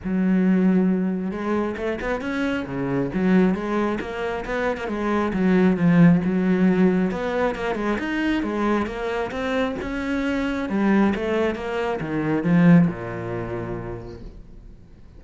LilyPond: \new Staff \with { instrumentName = "cello" } { \time 4/4 \tempo 4 = 135 fis2. gis4 | a8 b8 cis'4 cis4 fis4 | gis4 ais4 b8. ais16 gis4 | fis4 f4 fis2 |
b4 ais8 gis8 dis'4 gis4 | ais4 c'4 cis'2 | g4 a4 ais4 dis4 | f4 ais,2. | }